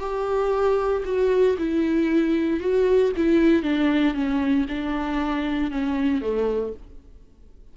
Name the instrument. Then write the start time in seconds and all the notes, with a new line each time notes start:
viola
0.00 G4
1.05 F#4
1.58 E4
2.60 F#4
3.17 E4
3.63 D4
4.14 C#4
4.69 D4
5.71 C#4
6.22 A3